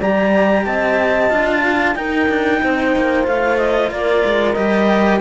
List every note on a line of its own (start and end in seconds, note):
0.00 0.66 G3
0.00 1.30 G4
0.00 0.65 D5
0.00 0.65 A#5
0.65 1.32 C4
0.65 1.62 D#5
0.65 1.95 A5
1.30 1.95 D4
1.30 1.95 F4
1.62 1.94 F5
1.95 2.28 D#4
1.95 3.24 D#4
1.95 2.62 A#4
1.95 3.25 G5
2.29 2.61 D4
2.62 2.96 C4
2.62 3.93 C5
2.96 3.27 A#3
3.24 3.91 A3
3.24 4.54 F4
3.24 3.58 F5
3.58 3.90 D#5
3.91 4.24 A#3
3.91 5.21 A#4
3.91 4.53 D5
4.25 4.57 G#3
4.53 5.21 G3
4.53 5.21 G4
4.53 5.19 D#5